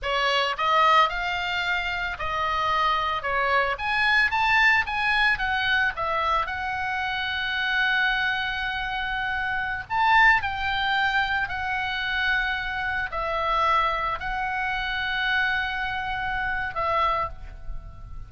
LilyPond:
\new Staff \with { instrumentName = "oboe" } { \time 4/4 \tempo 4 = 111 cis''4 dis''4 f''2 | dis''2 cis''4 gis''4 | a''4 gis''4 fis''4 e''4 | fis''1~ |
fis''2~ fis''16 a''4 g''8.~ | g''4~ g''16 fis''2~ fis''8.~ | fis''16 e''2 fis''4.~ fis''16~ | fis''2. e''4 | }